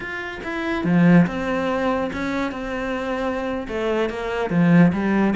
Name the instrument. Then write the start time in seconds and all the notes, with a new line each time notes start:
cello
0.00 F4
0.43 E4
0.84 F3
1.26 C4
2.12 C#4
2.51 C4
3.68 A3
4.09 A#3
4.50 F3
4.92 G3